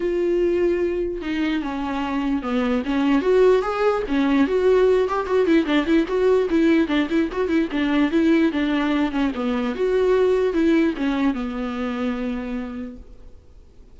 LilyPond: \new Staff \with { instrumentName = "viola" } { \time 4/4 \tempo 4 = 148 f'2. dis'4 | cis'2 b4 cis'4 | fis'4 gis'4 cis'4 fis'4~ | fis'8 g'8 fis'8 e'8 d'8 e'8 fis'4 |
e'4 d'8 e'8 fis'8 e'8 d'4 | e'4 d'4. cis'8 b4 | fis'2 e'4 cis'4 | b1 | }